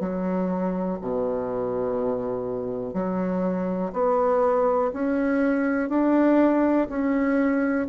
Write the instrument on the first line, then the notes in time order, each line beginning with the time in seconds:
bassoon
0.00 F#3
1.01 B2
2.94 F#3
3.93 B3
4.93 C#4
5.89 D4
6.89 C#4